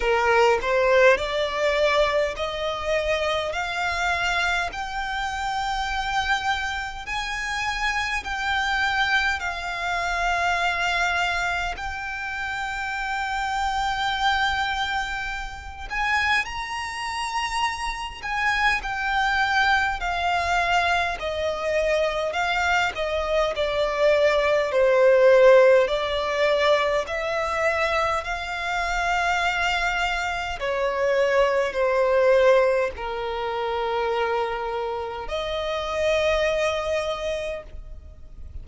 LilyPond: \new Staff \with { instrumentName = "violin" } { \time 4/4 \tempo 4 = 51 ais'8 c''8 d''4 dis''4 f''4 | g''2 gis''4 g''4 | f''2 g''2~ | g''4. gis''8 ais''4. gis''8 |
g''4 f''4 dis''4 f''8 dis''8 | d''4 c''4 d''4 e''4 | f''2 cis''4 c''4 | ais'2 dis''2 | }